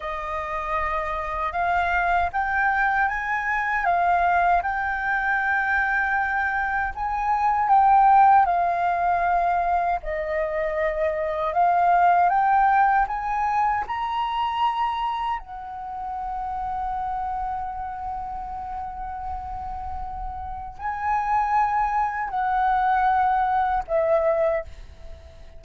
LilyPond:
\new Staff \with { instrumentName = "flute" } { \time 4/4 \tempo 4 = 78 dis''2 f''4 g''4 | gis''4 f''4 g''2~ | g''4 gis''4 g''4 f''4~ | f''4 dis''2 f''4 |
g''4 gis''4 ais''2 | fis''1~ | fis''2. gis''4~ | gis''4 fis''2 e''4 | }